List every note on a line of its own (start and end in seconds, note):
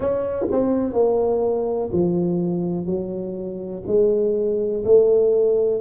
0.00 0.46 C#4
0.51 0.93 C4
0.93 1.90 A#3
1.92 2.85 F3
2.85 3.82 F#3
3.86 4.83 G#3
4.84 5.80 A3